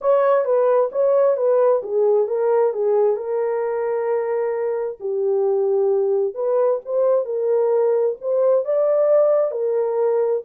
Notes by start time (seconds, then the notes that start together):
0.01 C#5
0.44 B4
0.92 C#5
1.36 B4
1.82 G#4
2.27 A#4
2.73 G#4
3.16 A#4
5.00 G4
6.34 B4
6.85 C5
7.25 A#4
8.21 C5
8.64 D5
9.51 A#4